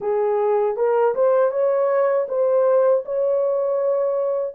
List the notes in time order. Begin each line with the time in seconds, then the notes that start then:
0.00 G#4
0.76 A#4
1.14 C5
1.51 C#5
2.28 C5
3.05 C#5